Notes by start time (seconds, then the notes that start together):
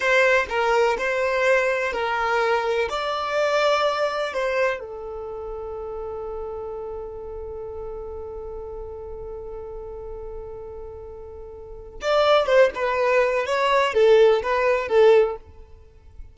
0.00 C5
0.49 A#4
0.97 C5
1.92 A#4
2.89 D5
4.33 C5
4.79 A4
12.01 D5
12.46 C5
12.75 B4
13.45 C#5
13.94 A4
14.42 B4
14.88 A4